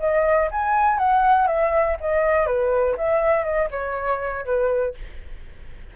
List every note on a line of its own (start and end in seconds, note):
0.00 0.50 D#5
0.51 0.98 G#5
0.98 1.48 F#5
1.48 1.97 E5
2.01 2.47 D#5
2.47 2.96 B4
2.97 3.44 E5
3.44 3.69 D#5
3.71 4.45 C#5
4.46 4.95 B4